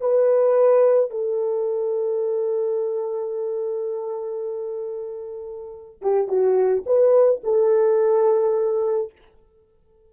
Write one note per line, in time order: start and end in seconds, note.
0.00 1.10 B4
1.10 6.01 A4
6.01 6.28 G4
6.28 6.84 F#4
6.86 7.42 B4
7.43 9.12 A4